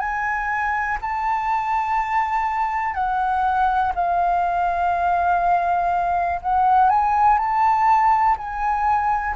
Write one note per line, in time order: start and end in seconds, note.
0.00 0.98 G#5
1.02 2.95 A5
2.95 3.93 F#5
3.95 6.41 F5
6.42 6.90 F#5
6.90 7.39 G#5
7.39 8.37 A5
8.38 9.36 G#5